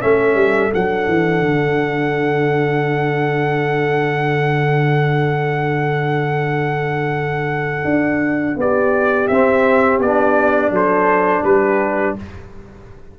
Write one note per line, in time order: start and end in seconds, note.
0.00 0.34 A3
0.00 0.71 C#4
0.00 8.59 A4
0.00 0.72 E5
0.34 0.70 G3
0.71 1.07 F#3
0.71 9.28 D4
0.71 8.60 F#5
1.07 1.41 E3
1.41 7.84 D3
7.84 8.55 D4
8.57 9.28 B3
8.57 10.72 G4
8.57 9.27 D5
9.27 9.99 C4
9.27 10.04 C4
9.27 9.99 E5
9.99 10.70 B3
9.99 12.19 D4
9.99 10.73 D5
10.70 11.42 F#3
10.70 11.43 A4
10.70 11.44 C5
11.43 12.15 G3
11.43 12.15 G4
11.43 12.15 B4